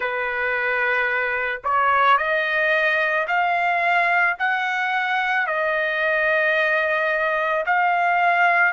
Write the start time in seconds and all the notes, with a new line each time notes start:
0.00 B4
1.64 C#5
2.17 D#5
3.27 F5
4.38 F#5
5.46 D#5
7.66 F5